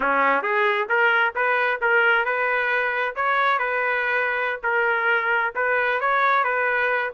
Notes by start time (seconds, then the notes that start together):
0.00 C#4
0.42 G#4
0.88 A#4
1.35 B4
1.81 A#4
2.25 B4
3.15 C#5
3.59 B4
4.63 A#4
5.55 B4
6.00 C#5
6.43 B4